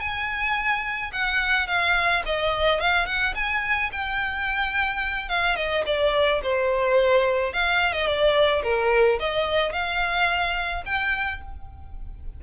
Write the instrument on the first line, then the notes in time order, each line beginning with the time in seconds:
violin
0.00 G#5
1.12 F#5
1.67 F5
2.26 D#5
2.80 F5
3.06 F#5
3.35 G#5
3.92 G5
5.29 F5
5.56 D#5
5.86 D5
6.43 C5
7.53 F5
7.93 D#5
8.07 D5
8.63 A#4
9.19 D#5
9.72 F5
10.86 G5